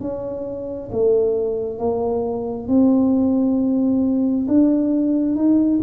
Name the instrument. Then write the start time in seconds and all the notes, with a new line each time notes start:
tuba
0.00 C#4
0.92 A3
1.79 A#3
2.67 C4
4.47 D4
5.35 D#4